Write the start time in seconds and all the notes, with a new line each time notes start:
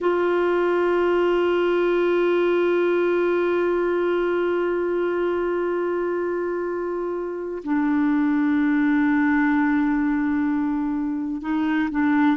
0.00 F4
7.63 D4
11.41 D#4
11.90 D4